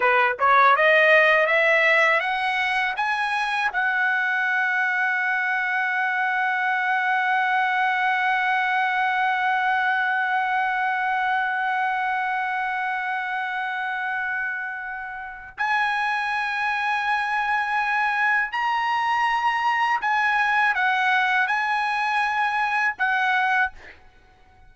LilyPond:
\new Staff \with { instrumentName = "trumpet" } { \time 4/4 \tempo 4 = 81 b'8 cis''8 dis''4 e''4 fis''4 | gis''4 fis''2.~ | fis''1~ | fis''1~ |
fis''1~ | fis''4 gis''2.~ | gis''4 ais''2 gis''4 | fis''4 gis''2 fis''4 | }